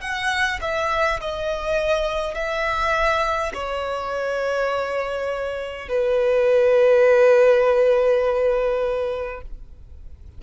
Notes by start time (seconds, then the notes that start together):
0.00 F#5
0.61 E5
1.20 D#5
2.34 E5
3.53 C#5
5.88 B4